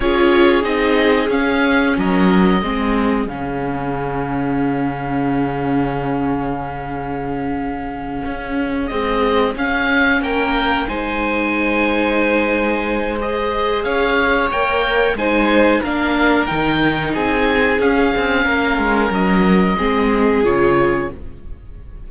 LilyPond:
<<
  \new Staff \with { instrumentName = "oboe" } { \time 4/4 \tempo 4 = 91 cis''4 dis''4 f''4 dis''4~ | dis''4 f''2.~ | f''1~ | f''4. dis''4 f''4 g''8~ |
g''8 gis''2.~ gis''8 | dis''4 f''4 g''4 gis''4 | f''4 g''4 gis''4 f''4~ | f''4 dis''2 cis''4 | }
  \new Staff \with { instrumentName = "violin" } { \time 4/4 gis'2. ais'4 | gis'1~ | gis'1~ | gis'2.~ gis'8 ais'8~ |
ais'8 c''2.~ c''8~ | c''4 cis''2 c''4 | ais'2 gis'2 | ais'2 gis'2 | }
  \new Staff \with { instrumentName = "viola" } { \time 4/4 f'4 dis'4 cis'2 | c'4 cis'2.~ | cis'1~ | cis'4. gis4 cis'4.~ |
cis'8 dis'2.~ dis'8 | gis'2 ais'4 dis'4 | d'4 dis'2 cis'4~ | cis'2 c'4 f'4 | }
  \new Staff \with { instrumentName = "cello" } { \time 4/4 cis'4 c'4 cis'4 fis4 | gis4 cis2.~ | cis1~ | cis8 cis'4 c'4 cis'4 ais8~ |
ais8 gis2.~ gis8~ | gis4 cis'4 ais4 gis4 | ais4 dis4 c'4 cis'8 c'8 | ais8 gis8 fis4 gis4 cis4 | }
>>